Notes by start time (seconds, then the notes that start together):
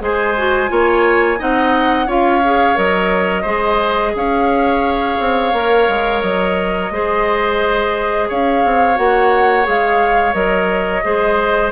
0.00 G#3 G#4 C5 G#5
0.37 F#4
0.68 A#3 F4 C#5
1.39 C4 D#4 D#5 F#5
2.07 C#4 F4 C#5 F5
2.44 G#4
2.75 F#3 A#4 D#5
3.42 G#3 G#4 C5
4.15 C#4 C#5 F5
5.19 C4
5.53 A#3 A#4
5.88 G#3
6.22 F#3 D#5
6.91 G#3 G#4 C5
8.28 C#4 C#5 F5
8.64 C4
8.95 A#3 F#4 F#5
9.63 G#3 G#4 F5
10.33 F#3 A#4 D#5
11.03 G#3 G#4 C5